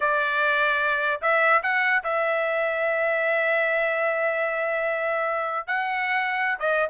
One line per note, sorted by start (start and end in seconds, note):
0.00 1.21 D5
1.21 1.62 E5
1.62 2.03 F#5
2.03 5.67 E5
5.67 6.58 F#5
6.59 6.89 D#5